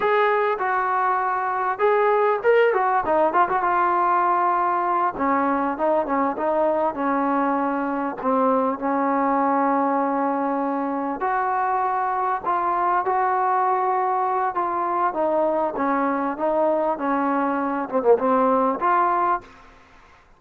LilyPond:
\new Staff \with { instrumentName = "trombone" } { \time 4/4 \tempo 4 = 99 gis'4 fis'2 gis'4 | ais'8 fis'8 dis'8 f'16 fis'16 f'2~ | f'8 cis'4 dis'8 cis'8 dis'4 cis'8~ | cis'4. c'4 cis'4.~ |
cis'2~ cis'8 fis'4.~ | fis'8 f'4 fis'2~ fis'8 | f'4 dis'4 cis'4 dis'4 | cis'4. c'16 ais16 c'4 f'4 | }